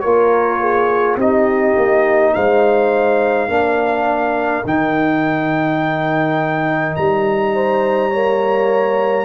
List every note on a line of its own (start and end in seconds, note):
0.00 1.16 A#3
0.00 1.19 F4
0.00 0.61 A#4
0.00 1.15 C#5
0.61 1.17 G#4
1.16 1.74 C4
1.16 3.48 D#4
1.16 2.32 G4
1.16 2.34 D#5
1.76 2.34 A#3
2.34 3.48 G#3
2.34 3.50 C5
2.34 4.64 F5
3.48 4.63 A#3
3.48 4.64 D4
3.48 7.54 A#4
4.65 6.95 D#3
4.65 8.11 D#4
4.65 6.96 G5
6.96 9.25 G3
6.96 9.25 A#5
7.54 8.10 C5
8.10 9.25 A#3
8.10 9.25 C#5